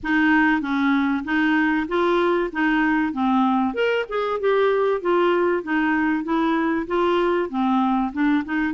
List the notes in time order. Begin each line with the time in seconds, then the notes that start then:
0.03 D#4
0.61 C#4
1.24 D#4
1.88 F4
2.52 D#4
3.12 C4
3.74 A#4
4.08 G#4
4.39 G4
5.01 F4
5.63 D#4
6.23 E4
6.87 F4
7.49 C4
8.12 D4
8.44 D#4